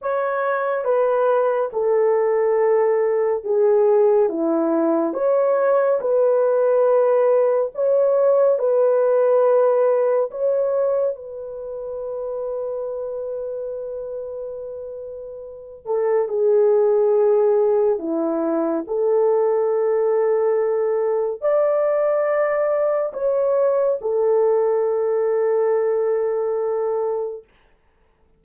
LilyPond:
\new Staff \with { instrumentName = "horn" } { \time 4/4 \tempo 4 = 70 cis''4 b'4 a'2 | gis'4 e'4 cis''4 b'4~ | b'4 cis''4 b'2 | cis''4 b'2.~ |
b'2~ b'8 a'8 gis'4~ | gis'4 e'4 a'2~ | a'4 d''2 cis''4 | a'1 | }